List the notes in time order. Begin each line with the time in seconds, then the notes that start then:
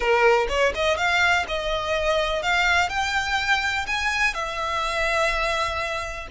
0.00 A#4
0.48 C#5
0.74 D#5
0.97 F5
1.48 D#5
2.42 F5
2.89 G5
3.86 G#5
4.34 E5